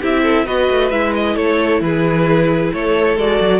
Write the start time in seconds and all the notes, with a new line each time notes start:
0.00 C4 E4 G4 E5
0.22 A4
0.45 B3 F#4 B4 D#5
0.70 A3
0.90 G#3 E4 E5
1.14 D#5
1.35 A3 A4 C#5
1.81 E3 G#4 B4
2.73 A3 A4 C#5
3.16 G#3 F#4 D5
3.40 F#3